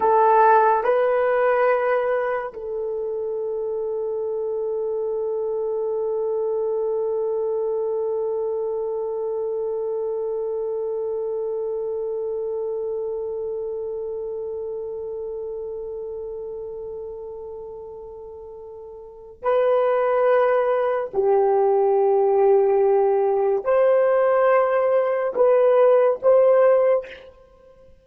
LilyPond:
\new Staff \with { instrumentName = "horn" } { \time 4/4 \tempo 4 = 71 a'4 b'2 a'4~ | a'1~ | a'1~ | a'1~ |
a'1~ | a'2. b'4~ | b'4 g'2. | c''2 b'4 c''4 | }